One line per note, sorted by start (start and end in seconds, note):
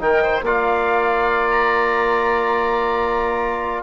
0.00 0.42 D#3
0.00 0.43 D#4
0.00 0.23 A#4
0.00 0.44 G5
0.23 0.45 C5
0.42 3.82 A#3
0.42 3.84 F4
0.42 3.84 D5
0.42 1.51 F5
1.51 3.84 A#5